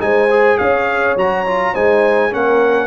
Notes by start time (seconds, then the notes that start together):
0.00 G#3 D#4 C5 G#5
0.31 G#4
0.58 C#4 C#5 F5
1.16 F#3 F#4 A#5
1.47 F4
1.73 G#3 D#4 C5 G#5
2.30 A#3 C#4 A#4 F#5